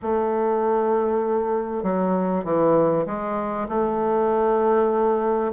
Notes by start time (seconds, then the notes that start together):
0.02 A3
1.83 F#3
2.44 E3
3.06 G#3
3.68 A3